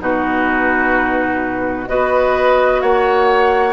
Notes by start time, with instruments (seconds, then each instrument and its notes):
0.00 bassoon B2, clarinet D#4, oboe F#4, flute B4
1.88 bassoon B3, clarinet F#4, oboe B4, flute D#5
2.82 bassoon A#3, oboe C#5, flute F#5